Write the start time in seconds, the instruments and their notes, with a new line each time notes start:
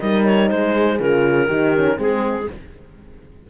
0.00 cello G3, horn D#4 A#4, clarinet D#5
0.25 clarinet C#5
0.49 cello G#3, horn G#4, clarinet C5
0.99 cello C#3, horn F4, clarinet A#4
1.46 cello D#3, horn D#4 G4
1.75 horn C#4
1.96 cello G#3, horn C4 G#4, clarinet G#4